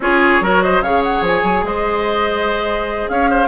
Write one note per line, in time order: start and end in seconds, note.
0.00 0.40 C#4
0.00 0.42 F4
0.00 0.43 G#4
0.00 0.63 C#5
0.40 0.81 F#3
0.40 0.83 F#4
0.40 0.63 A#4
0.63 0.83 C5
0.63 0.82 D#5
0.81 1.21 C#3
0.81 3.48 G#4
0.81 1.65 C#5
0.81 1.02 F5
1.03 1.24 F#5
1.21 1.41 F3
1.21 1.66 G#5
1.43 1.63 F#3
1.63 3.07 G#3
1.63 3.10 C5
1.63 3.09 D#5
3.09 3.48 C#4
3.09 3.29 C#5
3.09 3.48 F5
3.29 3.48 C5